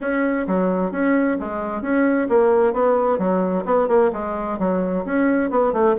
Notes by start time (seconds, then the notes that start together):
0.00 C#4
0.47 F#3
0.91 C#4
1.39 G#3
1.82 C#4
2.28 A#3
2.73 B3
3.18 F#3
3.65 B3
3.88 A#3
4.12 G#3
4.58 F#3
5.05 C#4
5.50 B3
5.73 A3